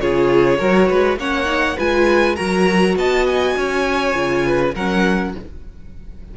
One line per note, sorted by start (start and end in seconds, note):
0.00 0.60 C#3
0.00 0.59 F4
0.00 0.59 G#4
0.00 1.19 C#5
0.59 0.90 F#3
0.59 1.18 F#4
0.59 0.89 A#4
0.89 1.17 G#3
0.89 1.18 B4
1.17 1.77 A#3
1.17 1.45 C#4
1.17 1.77 C#5
1.17 1.79 F#5
1.45 1.75 D#4
1.77 2.39 G#3
1.77 2.37 F4
1.77 2.36 B4
1.77 2.36 G#5
2.36 2.96 F#3
2.36 4.14 F#4
2.36 2.96 A#4
2.36 2.96 A#5
2.96 3.55 B3
2.96 3.57 D#5
2.96 3.27 A5
3.27 4.75 G#5
3.57 4.15 C#4
3.57 4.46 C#5
4.14 4.75 C#3
4.14 4.74 F4
4.46 4.75 B4
4.75 5.35 F#3
4.75 5.37 C#4
4.75 5.34 A#4
4.75 5.35 F#5